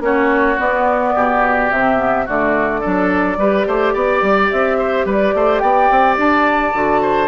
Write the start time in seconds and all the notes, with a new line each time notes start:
0.00 A#3 C#4 F#4 C#5
0.59 B3 D5
1.15 B2 G4
1.71 C3 C4 E5
1.97 B3
2.25 D3 A3 F#4 D5
2.80 F#3 D4 A4
3.37 G3 G4 B4
3.67 A3 C5
3.93 B3 D5
4.22 G3
4.50 C4 E5
4.78 C5
5.05 G3 B4 D5
5.34 A3 C5
5.59 B3 D5 G5
5.90 C4
6.17 D4 A5
6.74 D3 F#4
7.02 C5